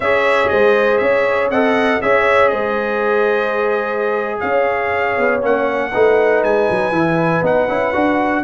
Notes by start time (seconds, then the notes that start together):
0.00 C#4 G#4 C#5 E5
0.48 G#3 C5 D#5
0.97 C#4 C#5 E5
1.50 C4 A4 D#5 F#5
2.01 C#4 G#4 C#5 E5
2.49 G#3 C5 D#5
4.39 C#4 C#5 F5
5.17 B3
5.41 A#3 C#4 F#5
5.91 A3 D#4 B4
6.43 G#3 G#5
6.70 F#3
6.91 E3 E4
7.42 B3 D#4 F#5
7.68 C#4 E4
7.93 D4 F#4